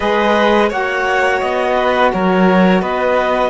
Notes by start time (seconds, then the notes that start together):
0.00 G#3 G#4 B4 D#5
0.69 A#3 F#4 C#5 F#5
1.40 B3 D#5
1.76 B4
2.13 F#3 A#4 C#5
2.81 B3 B4 D#5